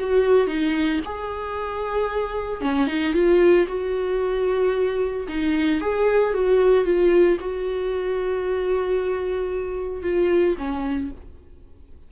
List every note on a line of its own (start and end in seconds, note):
0.00 0.47 F#4
0.47 1.00 D#4
1.05 2.61 G#4
2.61 2.88 C#4
2.88 3.14 D#4
3.14 3.67 F4
3.68 5.27 F#4
5.29 5.82 D#4
5.82 6.34 G#4
6.34 6.85 F#4
6.85 7.38 F4
7.41 10.03 F#4
10.03 10.56 F4
10.58 11.11 C#4